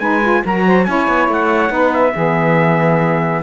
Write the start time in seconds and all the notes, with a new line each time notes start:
0.00 G#3 D#4 B4 G#5
0.23 F4
0.45 F#3 F#4 A#4 A#5
0.67 C5
0.85 C#4 E4 C#5 G#5
1.08 B3
1.28 A3 F#5
1.69 B3 D#4 B4
1.94 E5
2.14 E3 B3 G#4